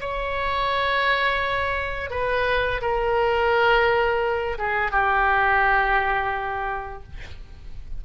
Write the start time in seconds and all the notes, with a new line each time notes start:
0.00 C#5
2.10 B4
2.81 A#4
4.58 G#4
4.91 G4